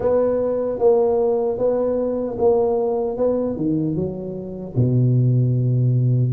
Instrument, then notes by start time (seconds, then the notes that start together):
tuba
0.00 B3
0.79 A#3
1.58 B3
2.38 A#3
3.17 B3
3.56 D#3
3.95 F#3
4.75 B2